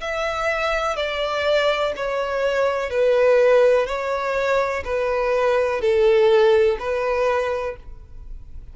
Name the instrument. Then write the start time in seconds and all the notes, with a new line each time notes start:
violin
0.00 E5
0.96 D5
1.96 C#5
2.90 B4
3.86 C#5
4.84 B4
5.80 A4
6.79 B4